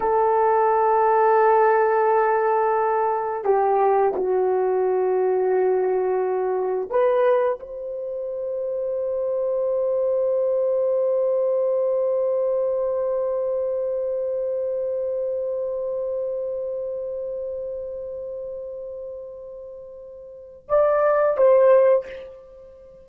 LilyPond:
\new Staff \with { instrumentName = "horn" } { \time 4/4 \tempo 4 = 87 a'1~ | a'4 g'4 fis'2~ | fis'2 b'4 c''4~ | c''1~ |
c''1~ | c''1~ | c''1~ | c''2 d''4 c''4 | }